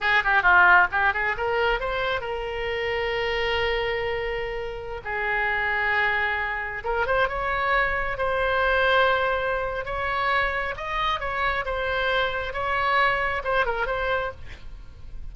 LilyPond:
\new Staff \with { instrumentName = "oboe" } { \time 4/4 \tempo 4 = 134 gis'8 g'8 f'4 g'8 gis'8 ais'4 | c''4 ais'2.~ | ais'2.~ ais'16 gis'8.~ | gis'2.~ gis'16 ais'8 c''16~ |
c''16 cis''2 c''4.~ c''16~ | c''2 cis''2 | dis''4 cis''4 c''2 | cis''2 c''8 ais'8 c''4 | }